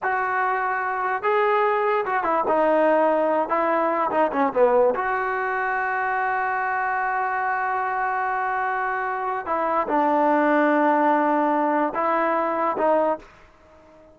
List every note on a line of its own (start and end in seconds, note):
0.02 1.23 F#4
1.23 2.05 G#4
2.05 2.23 F#4
2.23 2.44 E4
2.48 3.48 D#4
3.48 4.10 E4
4.10 4.31 D#4
4.32 4.52 C#4
4.53 4.94 B3
4.94 9.46 F#4
9.46 9.87 E4
9.87 11.93 D4
11.94 12.76 E4
12.77 13.18 D#4